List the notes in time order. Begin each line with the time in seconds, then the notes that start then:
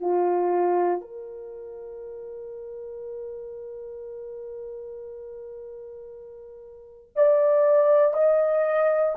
0.00 F4
1.00 A#4
7.15 D5
8.14 D#5